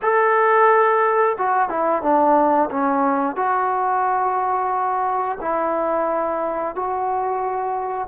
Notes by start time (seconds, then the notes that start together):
0.02 A4
1.38 F#4
1.69 E4
2.02 D4
2.70 C#4
3.36 F#4
5.41 E4
6.75 F#4